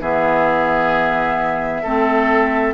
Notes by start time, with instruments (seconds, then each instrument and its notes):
0.00 bassoon E3, clarinet B3, oboe G#4, flute E5
1.83 bassoon A3, clarinet C4, oboe A4